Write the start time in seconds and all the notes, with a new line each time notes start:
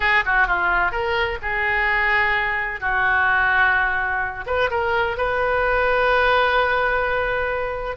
0.00 G#4
0.25 F#4
0.47 F4
0.91 A#4
1.41 G#4
2.80 F#4
4.46 B4
4.70 A#4
5.17 B4